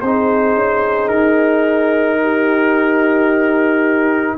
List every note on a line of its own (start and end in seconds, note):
0.00 0.55 C4
0.00 4.37 D#4
0.00 2.20 G#4
0.00 1.08 C5
0.55 1.09 C#4
1.08 4.36 D#4
1.08 4.35 A#4
2.22 4.37 G4